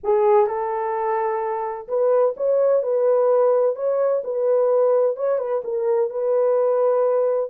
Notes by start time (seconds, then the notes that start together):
0.03 G#4
0.47 A4
1.87 B4
2.37 C#5
2.82 B4
3.75 C#5
4.24 B4
5.16 C#5
5.38 B4
5.64 A#4
6.10 B4